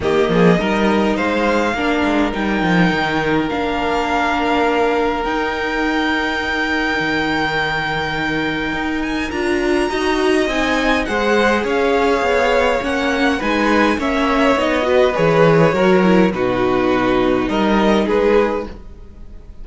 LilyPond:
<<
  \new Staff \with { instrumentName = "violin" } { \time 4/4 \tempo 4 = 103 dis''2 f''2 | g''2 f''2~ | f''4 g''2.~ | g''2.~ g''8 gis''8 |
ais''2 gis''4 fis''4 | f''2 fis''4 gis''4 | e''4 dis''4 cis''2 | b'2 dis''4 b'4 | }
  \new Staff \with { instrumentName = "violin" } { \time 4/4 g'8 gis'8 ais'4 c''4 ais'4~ | ais'1~ | ais'1~ | ais'1~ |
ais'4 dis''2 c''4 | cis''2. b'4 | cis''4. b'4. ais'4 | fis'2 ais'4 gis'4 | }
  \new Staff \with { instrumentName = "viola" } { \time 4/4 ais4 dis'2 d'4 | dis'2 d'2~ | d'4 dis'2.~ | dis'1 |
f'4 fis'4 dis'4 gis'4~ | gis'2 cis'4 dis'4 | cis'4 dis'8 fis'8 gis'4 fis'8 e'8 | dis'1 | }
  \new Staff \with { instrumentName = "cello" } { \time 4/4 dis8 f8 g4 gis4 ais8 gis8 | g8 f8 dis4 ais2~ | ais4 dis'2. | dis2. dis'4 |
d'4 dis'4 c'4 gis4 | cis'4 b4 ais4 gis4 | ais4 b4 e4 fis4 | b,2 g4 gis4 | }
>>